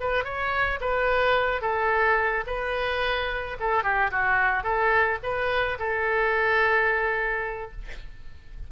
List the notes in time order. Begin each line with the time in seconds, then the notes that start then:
0.00 B4
0.24 C#5
0.81 B4
1.61 A4
2.46 B4
3.60 A4
3.83 G4
4.11 F#4
4.63 A4
5.23 B4
5.79 A4